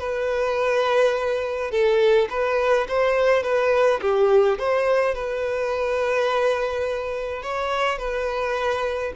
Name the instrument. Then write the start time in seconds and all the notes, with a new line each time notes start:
violin
0.00 B4
1.71 A4
2.30 B4
2.89 C5
3.43 B4
4.02 G4
4.59 C5
5.15 B4
7.43 C#5
7.99 B4